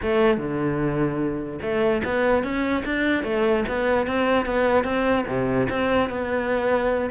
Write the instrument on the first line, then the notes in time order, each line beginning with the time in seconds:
cello
0.02 A3
0.37 D3
1.61 A3
2.04 B3
2.43 C#4
2.85 D4
3.23 A3
3.68 B3
4.07 C4
4.45 B3
4.84 C4
5.27 C3
5.69 C4
6.09 B3